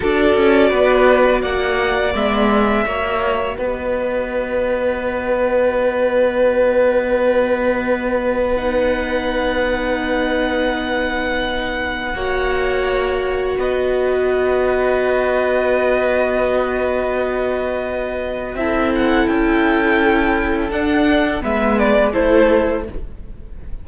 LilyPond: <<
  \new Staff \with { instrumentName = "violin" } { \time 4/4 \tempo 4 = 84 d''2 fis''4 e''4~ | e''4 dis''2.~ | dis''1 | fis''1~ |
fis''2. dis''4~ | dis''1~ | dis''2 e''8 fis''8 g''4~ | g''4 fis''4 e''8 d''8 c''4 | }
  \new Staff \with { instrumentName = "violin" } { \time 4/4 a'4 b'4 d''2 | cis''4 b'2.~ | b'1~ | b'1~ |
b'4 cis''2 b'4~ | b'1~ | b'2 a'2~ | a'2 b'4 a'4 | }
  \new Staff \with { instrumentName = "viola" } { \time 4/4 fis'2. b4 | fis'1~ | fis'1 | dis'1~ |
dis'4 fis'2.~ | fis'1~ | fis'2 e'2~ | e'4 d'4 b4 e'4 | }
  \new Staff \with { instrumentName = "cello" } { \time 4/4 d'8 cis'8 b4 ais4 gis4 | ais4 b2.~ | b1~ | b1~ |
b4 ais2 b4~ | b1~ | b2 c'4 cis'4~ | cis'4 d'4 gis4 a4 | }
>>